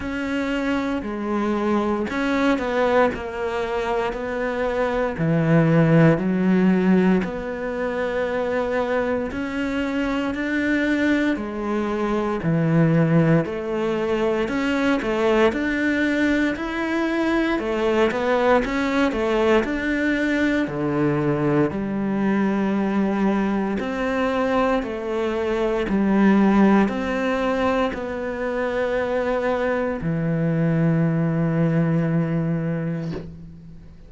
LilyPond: \new Staff \with { instrumentName = "cello" } { \time 4/4 \tempo 4 = 58 cis'4 gis4 cis'8 b8 ais4 | b4 e4 fis4 b4~ | b4 cis'4 d'4 gis4 | e4 a4 cis'8 a8 d'4 |
e'4 a8 b8 cis'8 a8 d'4 | d4 g2 c'4 | a4 g4 c'4 b4~ | b4 e2. | }